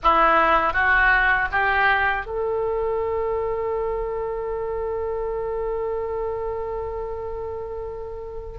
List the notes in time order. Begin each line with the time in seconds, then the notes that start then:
0.03 E4
0.73 F#4
1.51 G4
2.26 A4